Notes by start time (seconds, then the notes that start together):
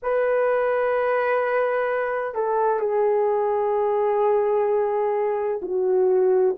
0.02 B4
2.34 A4
2.79 G#4
5.62 F#4